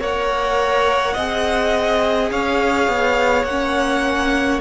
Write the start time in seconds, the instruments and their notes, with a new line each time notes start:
0.00 cello A#3, viola A#4, violin C#5 F#5
1.14 cello C4, viola G#4, violin D#5
2.32 cello C#4, violin C#5 F5
2.88 cello B3
3.44 cello A#3, violin F#5
3.50 viola C#4